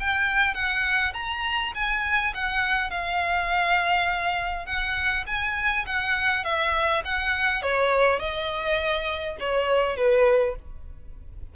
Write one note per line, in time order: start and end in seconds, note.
0.00 0.54 G5
0.54 1.13 F#5
1.14 1.72 A#5
1.75 2.34 G#5
2.34 2.90 F#5
2.90 4.66 F5
4.66 5.25 F#5
5.26 5.85 G#5
5.86 6.44 F#5
6.44 7.03 E5
7.05 7.62 F#5
7.62 8.19 C#5
8.19 9.37 D#5
9.40 9.97 C#5
9.97 10.55 B4